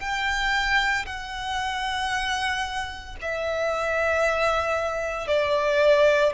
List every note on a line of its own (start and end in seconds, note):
0.00 1.05 G5
1.06 3.16 F#5
3.21 5.28 E5
5.28 6.33 D5